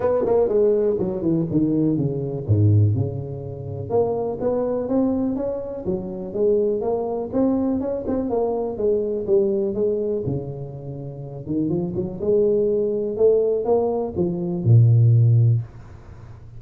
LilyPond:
\new Staff \with { instrumentName = "tuba" } { \time 4/4 \tempo 4 = 123 b8 ais8 gis4 fis8 e8 dis4 | cis4 gis,4 cis2 | ais4 b4 c'4 cis'4 | fis4 gis4 ais4 c'4 |
cis'8 c'8 ais4 gis4 g4 | gis4 cis2~ cis8 dis8 | f8 fis8 gis2 a4 | ais4 f4 ais,2 | }